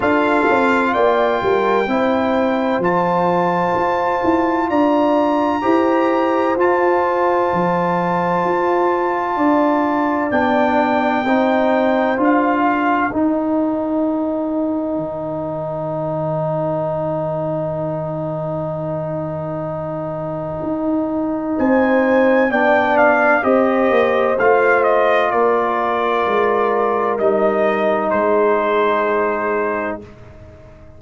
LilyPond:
<<
  \new Staff \with { instrumentName = "trumpet" } { \time 4/4 \tempo 4 = 64 f''4 g''2 a''4~ | a''4 ais''2 a''4~ | a''2. g''4~ | g''4 f''4 g''2~ |
g''1~ | g''2. gis''4 | g''8 f''8 dis''4 f''8 dis''8 d''4~ | d''4 dis''4 c''2 | }
  \new Staff \with { instrumentName = "horn" } { \time 4/4 a'4 d''8 ais'8 c''2~ | c''4 d''4 c''2~ | c''2 d''2 | c''4. ais'2~ ais'8~ |
ais'1~ | ais'2. c''4 | d''4 c''2 ais'4~ | ais'2 gis'2 | }
  \new Staff \with { instrumentName = "trombone" } { \time 4/4 f'2 e'4 f'4~ | f'2 g'4 f'4~ | f'2. d'4 | dis'4 f'4 dis'2~ |
dis'1~ | dis'1 | d'4 g'4 f'2~ | f'4 dis'2. | }
  \new Staff \with { instrumentName = "tuba" } { \time 4/4 d'8 c'8 ais8 g8 c'4 f4 | f'8 e'8 d'4 e'4 f'4 | f4 f'4 d'4 b4 | c'4 d'4 dis'2 |
dis1~ | dis2 dis'4 c'4 | b4 c'8 ais8 a4 ais4 | gis4 g4 gis2 | }
>>